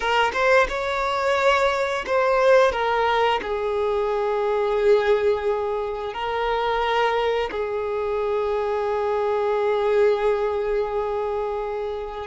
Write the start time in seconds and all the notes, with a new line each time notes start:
0.00 A#4
0.33 C5
0.68 C#5
2.06 C5
2.72 A#4
3.42 G#4
6.13 A#4
7.51 G#4